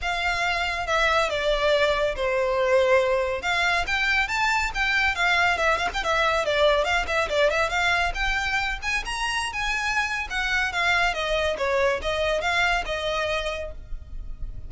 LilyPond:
\new Staff \with { instrumentName = "violin" } { \time 4/4 \tempo 4 = 140 f''2 e''4 d''4~ | d''4 c''2. | f''4 g''4 a''4 g''4 | f''4 e''8 f''16 g''16 e''4 d''4 |
f''8 e''8 d''8 e''8 f''4 g''4~ | g''8 gis''8 ais''4~ ais''16 gis''4.~ gis''16 | fis''4 f''4 dis''4 cis''4 | dis''4 f''4 dis''2 | }